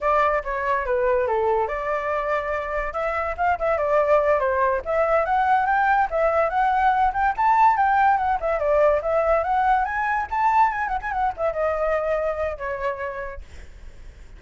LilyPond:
\new Staff \with { instrumentName = "flute" } { \time 4/4 \tempo 4 = 143 d''4 cis''4 b'4 a'4 | d''2. e''4 | f''8 e''8 d''4. c''4 e''8~ | e''8 fis''4 g''4 e''4 fis''8~ |
fis''4 g''8 a''4 g''4 fis''8 | e''8 d''4 e''4 fis''4 gis''8~ | gis''8 a''4 gis''8 fis''16 gis''16 fis''8 e''8 dis''8~ | dis''2 cis''2 | }